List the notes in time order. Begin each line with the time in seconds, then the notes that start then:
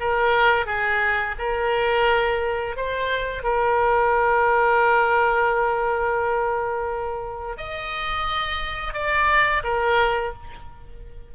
0.00 A#4
0.66 G#4
1.39 A#4
2.77 C5
3.44 A#4
7.58 D#5
8.94 D5
9.64 A#4